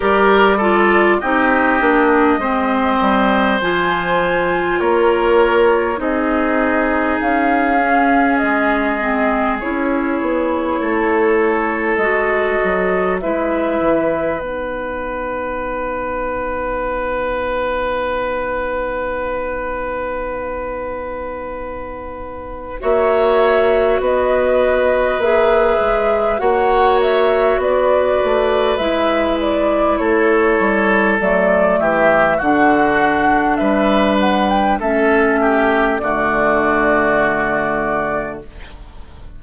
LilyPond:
<<
  \new Staff \with { instrumentName = "flute" } { \time 4/4 \tempo 4 = 50 d''4 dis''2 gis''4 | cis''4 dis''4 f''4 dis''4 | cis''2 dis''4 e''4 | fis''1~ |
fis''2. e''4 | dis''4 e''4 fis''8 e''8 d''4 | e''8 d''8 cis''4 d''8 e''8 fis''4 | e''8 fis''16 g''16 e''4 d''2 | }
  \new Staff \with { instrumentName = "oboe" } { \time 4/4 ais'8 a'8 g'4 c''2 | ais'4 gis'2.~ | gis'4 a'2 b'4~ | b'1~ |
b'2. cis''4 | b'2 cis''4 b'4~ | b'4 a'4. g'8 fis'4 | b'4 a'8 g'8 fis'2 | }
  \new Staff \with { instrumentName = "clarinet" } { \time 4/4 g'8 f'8 dis'8 d'8 c'4 f'4~ | f'4 dis'4. cis'4 c'8 | e'2 fis'4 e'4 | dis'1~ |
dis'2. fis'4~ | fis'4 gis'4 fis'2 | e'2 a4 d'4~ | d'4 cis'4 a2 | }
  \new Staff \with { instrumentName = "bassoon" } { \time 4/4 g4 c'8 ais8 gis8 g8 f4 | ais4 c'4 cis'4 gis4 | cis'8 b8 a4 gis8 fis8 gis8 e8 | b1~ |
b2. ais4 | b4 ais8 gis8 ais4 b8 a8 | gis4 a8 g8 fis8 e8 d4 | g4 a4 d2 | }
>>